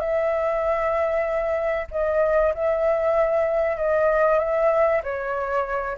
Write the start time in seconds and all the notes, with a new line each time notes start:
0.00 E5
1.91 D#5
2.54 E5
3.77 D#5
4.39 E5
5.04 C#5